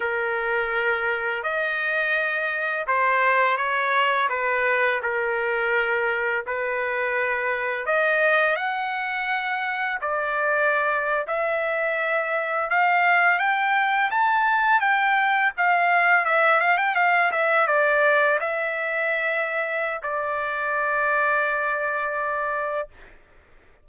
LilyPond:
\new Staff \with { instrumentName = "trumpet" } { \time 4/4 \tempo 4 = 84 ais'2 dis''2 | c''4 cis''4 b'4 ais'4~ | ais'4 b'2 dis''4 | fis''2 d''4.~ d''16 e''16~ |
e''4.~ e''16 f''4 g''4 a''16~ | a''8. g''4 f''4 e''8 f''16 g''16 f''16~ | f''16 e''8 d''4 e''2~ e''16 | d''1 | }